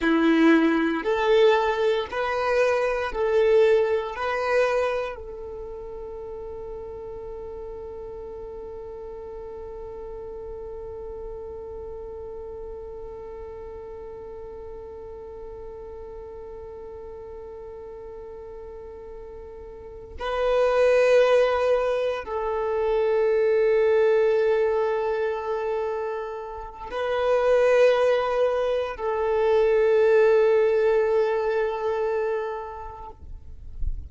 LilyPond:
\new Staff \with { instrumentName = "violin" } { \time 4/4 \tempo 4 = 58 e'4 a'4 b'4 a'4 | b'4 a'2.~ | a'1~ | a'1~ |
a'2.~ a'8 b'8~ | b'4. a'2~ a'8~ | a'2 b'2 | a'1 | }